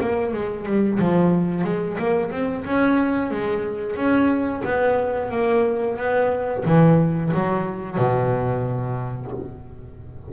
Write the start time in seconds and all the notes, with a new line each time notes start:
0.00 A#3
0.33 G#3
0.65 G3
0.99 F3
1.64 G#3
1.98 A#3
2.31 C4
2.65 C#4
3.31 G#3
3.96 C#4
4.64 B3
5.31 A#3
5.97 B3
6.65 E3
7.33 F#3
7.98 B2